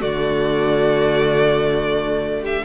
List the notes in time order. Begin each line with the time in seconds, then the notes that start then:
0.00 D3 A3 F#4 D5
2.41 G4 E5